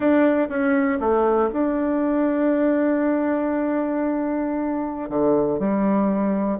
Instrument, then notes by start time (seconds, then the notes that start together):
bassoon
0.00 D4
0.49 C#4
1.00 A3
1.53 D4
5.09 D3
5.59 G3